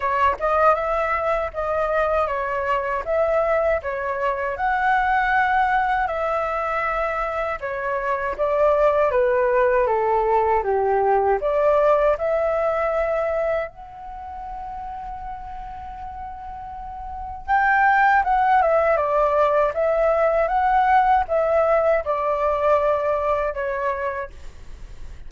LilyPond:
\new Staff \with { instrumentName = "flute" } { \time 4/4 \tempo 4 = 79 cis''8 dis''8 e''4 dis''4 cis''4 | e''4 cis''4 fis''2 | e''2 cis''4 d''4 | b'4 a'4 g'4 d''4 |
e''2 fis''2~ | fis''2. g''4 | fis''8 e''8 d''4 e''4 fis''4 | e''4 d''2 cis''4 | }